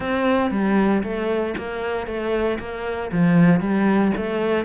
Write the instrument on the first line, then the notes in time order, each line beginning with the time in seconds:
cello
0.00 C4
0.51 G3
1.03 A3
1.57 A#3
2.06 A3
2.59 A#3
3.12 F3
3.60 G3
4.16 A3